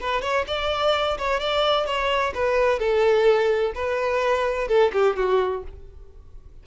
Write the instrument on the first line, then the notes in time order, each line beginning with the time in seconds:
violin
0.00 B4
0.22 C#5
0.47 D5
1.18 C#5
1.40 D5
1.86 C#5
2.34 B4
2.79 A4
3.75 B4
4.68 A4
4.93 G4
5.16 F#4